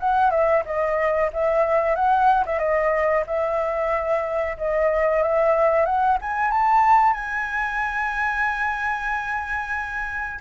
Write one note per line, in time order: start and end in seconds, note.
0.00 0.31 F#5
0.31 0.63 E5
0.65 1.30 D#5
1.33 1.96 E5
1.96 2.45 F#5
2.46 2.59 E5
2.59 3.24 D#5
3.27 4.57 E5
4.57 5.23 D#5
5.23 5.85 E5
5.85 6.18 F#5
6.21 6.51 G#5
6.51 7.14 A5
7.14 10.40 G#5